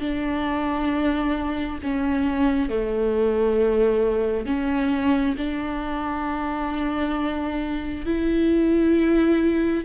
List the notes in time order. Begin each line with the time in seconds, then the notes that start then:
0.00 D4
1.83 C#4
2.69 A3
4.46 C#4
5.37 D4
8.06 E4